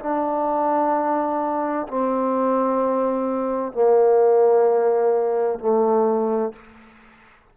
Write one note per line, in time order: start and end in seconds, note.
0.00 1.87 D4
1.88 3.73 C4
3.73 5.59 A#3
5.59 6.53 A3